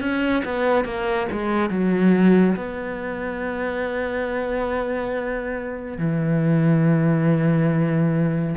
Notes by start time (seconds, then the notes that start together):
0.00 C#4
0.44 B3
0.85 A#3
1.32 G#3
1.69 F#3
2.56 B3
5.98 E3